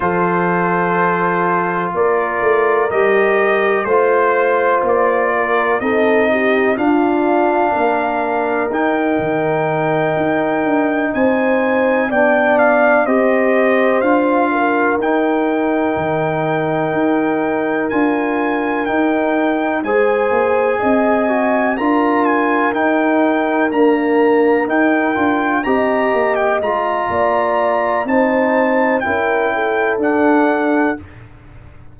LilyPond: <<
  \new Staff \with { instrumentName = "trumpet" } { \time 4/4 \tempo 4 = 62 c''2 d''4 dis''4 | c''4 d''4 dis''4 f''4~ | f''4 g''2~ g''8 gis''8~ | gis''8 g''8 f''8 dis''4 f''4 g''8~ |
g''2~ g''8 gis''4 g''8~ | g''8 gis''2 ais''8 gis''8 g''8~ | g''8 ais''4 g''4 ais''8. g''16 ais''8~ | ais''4 a''4 g''4 fis''4 | }
  \new Staff \with { instrumentName = "horn" } { \time 4/4 a'2 ais'2 | c''4. ais'8 a'8 g'8 f'4 | ais'2.~ ais'8 c''8~ | c''8 d''4 c''4. ais'4~ |
ais'1~ | ais'8 c''4 dis''4 ais'4.~ | ais'2~ ais'8 dis''4. | d''4 c''4 ais'8 a'4. | }
  \new Staff \with { instrumentName = "trombone" } { \time 4/4 f'2. g'4 | f'2 dis'4 d'4~ | d'4 dis'2.~ | dis'8 d'4 g'4 f'4 dis'8~ |
dis'2~ dis'8 f'4 dis'8~ | dis'8 gis'4. fis'8 f'4 dis'8~ | dis'8 ais4 dis'8 f'8 g'4 f'8~ | f'4 dis'4 e'4 d'4 | }
  \new Staff \with { instrumentName = "tuba" } { \time 4/4 f2 ais8 a8 g4 | a4 ais4 c'4 d'4 | ais4 dis'8 dis4 dis'8 d'8 c'8~ | c'8 b4 c'4 d'4 dis'8~ |
dis'8 dis4 dis'4 d'4 dis'8~ | dis'8 gis8 ais8 c'4 d'4 dis'8~ | dis'8 d'4 dis'8 d'8 c'8 ais8 gis8 | ais4 c'4 cis'4 d'4 | }
>>